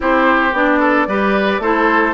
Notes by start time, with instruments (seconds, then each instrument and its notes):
0.00 bassoon C4, clarinet E4, oboe G4, flute C5
0.53 bassoon B3, clarinet D4, flute D5
0.79 oboe A4
1.07 bassoon G3, clarinet G4, oboe B4
1.59 bassoon A3, clarinet E4, oboe A4, flute C5